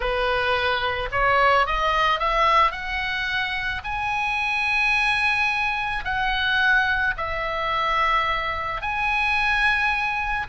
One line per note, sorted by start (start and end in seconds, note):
0.00 1.09 B4
1.11 1.66 C#5
1.66 2.19 D#5
2.19 2.71 E5
2.71 3.81 F#5
3.84 6.04 G#5
6.04 7.14 F#5
7.17 8.81 E5
8.81 10.46 G#5